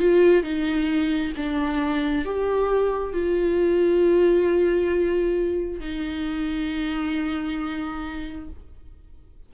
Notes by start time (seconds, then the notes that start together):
0.00 F4
0.44 D#4
1.37 D4
2.26 G4
3.13 F4
5.80 D#4